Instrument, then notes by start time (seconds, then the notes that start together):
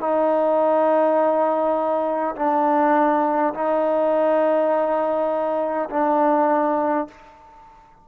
trombone
0.00 D#4
2.36 D4
3.54 D#4
5.90 D4